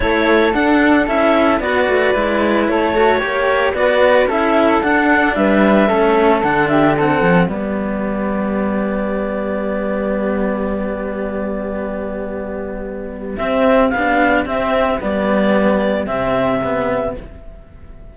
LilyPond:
<<
  \new Staff \with { instrumentName = "clarinet" } { \time 4/4 \tempo 4 = 112 cis''4 fis''4 e''4 d''4~ | d''4 cis''2 d''4 | e''4 fis''4 e''2 | fis''8 e''8 fis''4 d''2~ |
d''1~ | d''1~ | d''4 e''4 f''4 e''4 | d''2 e''2 | }
  \new Staff \with { instrumentName = "flute" } { \time 4/4 a'2. b'4~ | b'4 a'4 cis''4 b'4 | a'2 b'4 a'4~ | a'8 g'8 a'4 g'2~ |
g'1~ | g'1~ | g'1~ | g'1 | }
  \new Staff \with { instrumentName = "cello" } { \time 4/4 e'4 d'4 e'4 fis'4 | e'4. fis'8 g'4 fis'4 | e'4 d'2 cis'4 | d'4 c'4 b2~ |
b1~ | b1~ | b4 c'4 d'4 c'4 | b2 c'4 b4 | }
  \new Staff \with { instrumentName = "cello" } { \time 4/4 a4 d'4 cis'4 b8 a8 | gis4 a4 ais4 b4 | cis'4 d'4 g4 a4 | d4. f8 g2~ |
g1~ | g1~ | g4 c'4 b4 c'4 | g2 c2 | }
>>